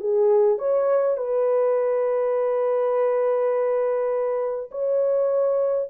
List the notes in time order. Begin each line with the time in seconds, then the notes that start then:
0.00 G#4
0.58 C#5
1.17 B4
4.71 C#5